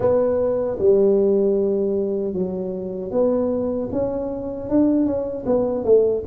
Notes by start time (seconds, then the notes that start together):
0.00 B3
0.79 G3
2.33 F#3
3.11 B3
3.92 C#4
4.69 D4
5.05 C#4
5.45 B3
5.84 A3